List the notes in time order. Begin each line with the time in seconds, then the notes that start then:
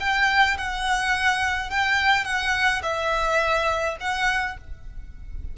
0.00 G5
0.58 F#5
1.70 G5
2.25 F#5
2.83 E5
4.01 F#5